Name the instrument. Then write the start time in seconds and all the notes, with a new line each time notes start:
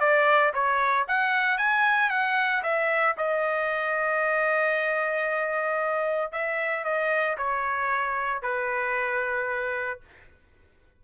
trumpet
0.00 D5
0.54 C#5
1.08 F#5
1.58 G#5
2.10 F#5
2.63 E5
3.17 D#5
6.32 E5
6.84 D#5
7.37 C#5
8.42 B4